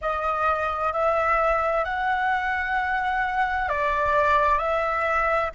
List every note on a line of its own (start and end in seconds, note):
0.01 0.92 D#5
0.92 1.84 E5
1.84 3.68 F#5
3.68 4.58 D5
4.58 5.50 E5